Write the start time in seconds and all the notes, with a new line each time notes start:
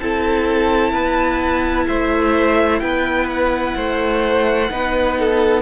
0.00 C4 E4 A4 A5
0.91 B3 B4
1.87 A3 C5 E5
2.79 B3 B4 G5
3.29 F#5
3.76 A3 C5
4.70 B3 D#4 B4
5.19 A4